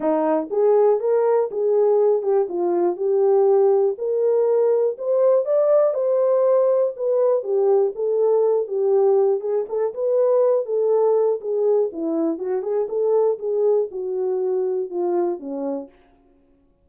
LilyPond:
\new Staff \with { instrumentName = "horn" } { \time 4/4 \tempo 4 = 121 dis'4 gis'4 ais'4 gis'4~ | gis'8 g'8 f'4 g'2 | ais'2 c''4 d''4 | c''2 b'4 g'4 |
a'4. g'4. gis'8 a'8 | b'4. a'4. gis'4 | e'4 fis'8 gis'8 a'4 gis'4 | fis'2 f'4 cis'4 | }